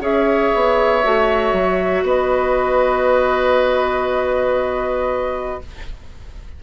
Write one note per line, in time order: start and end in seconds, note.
0.00 0.51 C#4
0.00 1.02 G#4
0.00 2.04 C#5
0.00 2.06 E5
0.54 1.04 B3
1.03 1.52 A3
1.03 5.61 F#4
1.52 2.02 F#3
2.02 5.58 B3
2.02 5.60 B4
2.02 5.62 D#5